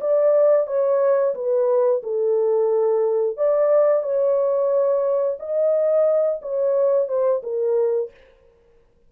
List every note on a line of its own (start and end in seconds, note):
0.00 0.66 D5
0.66 1.34 C#5
1.34 2.02 B4
2.03 3.36 A4
3.36 4.02 D5
4.02 5.37 C#5
5.39 6.40 D#5
6.41 7.08 C#5
7.08 7.41 C5
7.43 8.10 A#4